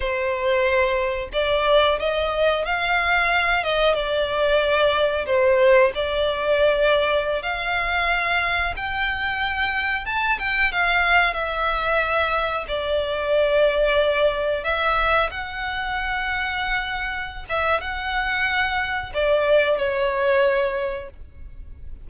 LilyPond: \new Staff \with { instrumentName = "violin" } { \time 4/4 \tempo 4 = 91 c''2 d''4 dis''4 | f''4. dis''8 d''2 | c''4 d''2~ d''16 f''8.~ | f''4~ f''16 g''2 a''8 g''16~ |
g''16 f''4 e''2 d''8.~ | d''2~ d''16 e''4 fis''8.~ | fis''2~ fis''8 e''8 fis''4~ | fis''4 d''4 cis''2 | }